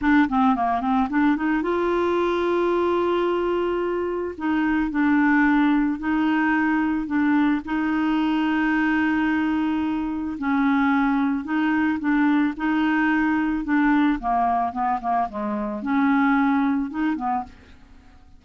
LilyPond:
\new Staff \with { instrumentName = "clarinet" } { \time 4/4 \tempo 4 = 110 d'8 c'8 ais8 c'8 d'8 dis'8 f'4~ | f'1 | dis'4 d'2 dis'4~ | dis'4 d'4 dis'2~ |
dis'2. cis'4~ | cis'4 dis'4 d'4 dis'4~ | dis'4 d'4 ais4 b8 ais8 | gis4 cis'2 dis'8 b8 | }